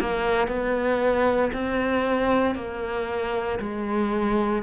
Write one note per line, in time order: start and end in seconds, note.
0.00 0.48 A#3
0.48 1.51 B3
1.53 2.56 C4
2.56 3.59 A#3
3.59 4.63 G#3